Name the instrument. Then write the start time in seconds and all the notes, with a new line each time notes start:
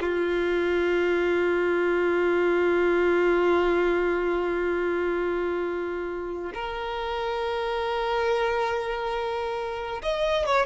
violin
0.00 F4
6.54 A#4
10.02 D#5
10.46 C#5